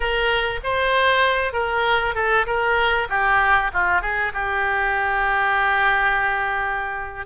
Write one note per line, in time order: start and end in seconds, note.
0.00 0.59 A#4
0.63 1.53 C5
1.53 2.15 A#4
2.15 2.45 A4
2.46 3.08 A#4
3.09 3.71 G4
3.73 4.01 F4
4.01 4.32 G#4
4.33 7.26 G4